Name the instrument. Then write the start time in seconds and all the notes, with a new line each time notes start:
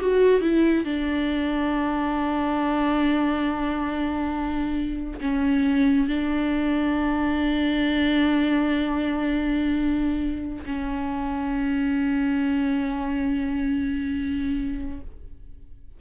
viola
0.00 F#4
0.41 E4
0.85 D4
5.21 C#4
6.08 D4
10.65 C#4